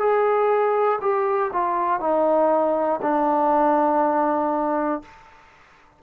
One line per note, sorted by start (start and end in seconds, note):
0.00 1.00 G#4
1.02 1.52 G4
1.53 2.00 F4
2.00 3.00 D#4
3.02 5.02 D4